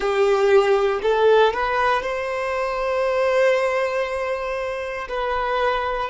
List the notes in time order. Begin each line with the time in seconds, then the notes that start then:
0.00 G4
1.02 A4
1.53 B4
2.02 C5
5.08 B4